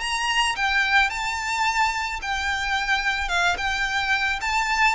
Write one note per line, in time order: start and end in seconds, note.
0.00 0.55 A#5
0.56 1.10 G5
1.10 2.20 A5
2.21 3.29 G5
3.29 3.56 F5
3.57 4.40 G5
4.41 4.95 A5